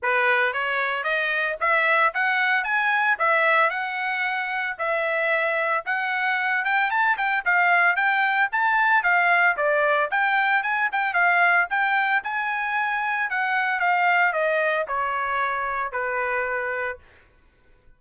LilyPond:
\new Staff \with { instrumentName = "trumpet" } { \time 4/4 \tempo 4 = 113 b'4 cis''4 dis''4 e''4 | fis''4 gis''4 e''4 fis''4~ | fis''4 e''2 fis''4~ | fis''8 g''8 a''8 g''8 f''4 g''4 |
a''4 f''4 d''4 g''4 | gis''8 g''8 f''4 g''4 gis''4~ | gis''4 fis''4 f''4 dis''4 | cis''2 b'2 | }